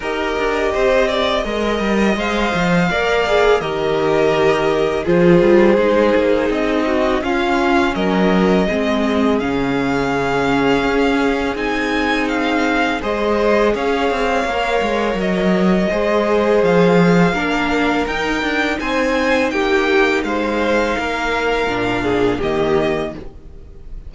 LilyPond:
<<
  \new Staff \with { instrumentName = "violin" } { \time 4/4 \tempo 4 = 83 dis''2. f''4~ | f''4 dis''2 c''4~ | c''4 dis''4 f''4 dis''4~ | dis''4 f''2. |
gis''4 f''4 dis''4 f''4~ | f''4 dis''2 f''4~ | f''4 g''4 gis''4 g''4 | f''2. dis''4 | }
  \new Staff \with { instrumentName = "violin" } { \time 4/4 ais'4 c''8 d''8 dis''2 | d''4 ais'2 gis'4~ | gis'4. fis'8 f'4 ais'4 | gis'1~ |
gis'2 c''4 cis''4~ | cis''2 c''2 | ais'2 c''4 g'4 | c''4 ais'4. gis'8 g'4 | }
  \new Staff \with { instrumentName = "viola" } { \time 4/4 g'2 ais'4 c''4 | ais'8 gis'8 g'2 f'4 | dis'2 cis'2 | c'4 cis'2. |
dis'2 gis'2 | ais'2 gis'2 | d'4 dis'2.~ | dis'2 d'4 ais4 | }
  \new Staff \with { instrumentName = "cello" } { \time 4/4 dis'8 d'8 c'4 gis8 g8 gis8 f8 | ais4 dis2 f8 g8 | gis8 ais8 c'4 cis'4 fis4 | gis4 cis2 cis'4 |
c'2 gis4 cis'8 c'8 | ais8 gis8 fis4 gis4 f4 | ais4 dis'8 d'8 c'4 ais4 | gis4 ais4 ais,4 dis4 | }
>>